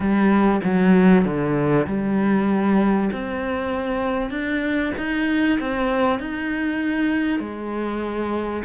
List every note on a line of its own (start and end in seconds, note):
0.00 0.60 G3
0.64 1.24 F#3
1.24 1.86 D3
1.86 3.10 G3
3.12 4.30 C4
4.30 4.92 D4
4.97 5.59 D#4
5.60 6.19 C4
6.19 7.39 D#4
7.39 8.63 G#3